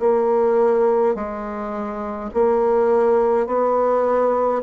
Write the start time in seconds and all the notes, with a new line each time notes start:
0.00 A#3
1.15 G#3
2.34 A#3
3.47 B3